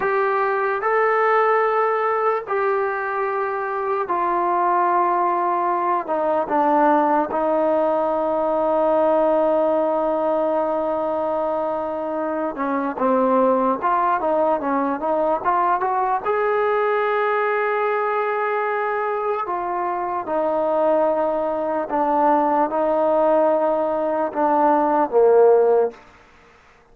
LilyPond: \new Staff \with { instrumentName = "trombone" } { \time 4/4 \tempo 4 = 74 g'4 a'2 g'4~ | g'4 f'2~ f'8 dis'8 | d'4 dis'2.~ | dis'2.~ dis'8 cis'8 |
c'4 f'8 dis'8 cis'8 dis'8 f'8 fis'8 | gis'1 | f'4 dis'2 d'4 | dis'2 d'4 ais4 | }